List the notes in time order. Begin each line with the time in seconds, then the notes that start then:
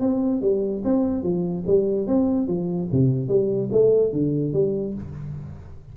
0.00 C4
0.41 G3
0.84 C4
1.23 F3
1.66 G3
2.07 C4
2.47 F3
2.91 C3
3.28 G3
3.71 A3
4.12 D3
4.53 G3